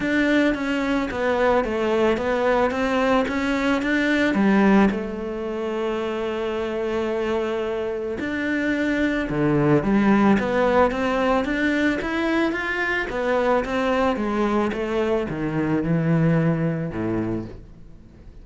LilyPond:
\new Staff \with { instrumentName = "cello" } { \time 4/4 \tempo 4 = 110 d'4 cis'4 b4 a4 | b4 c'4 cis'4 d'4 | g4 a2.~ | a2. d'4~ |
d'4 d4 g4 b4 | c'4 d'4 e'4 f'4 | b4 c'4 gis4 a4 | dis4 e2 a,4 | }